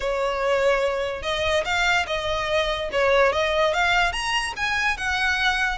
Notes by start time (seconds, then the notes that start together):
0.00 C#5
1.22 D#5
1.64 F5
2.06 D#5
2.92 C#5
3.32 D#5
3.73 F5
4.12 A#5
4.56 G#5
4.97 F#5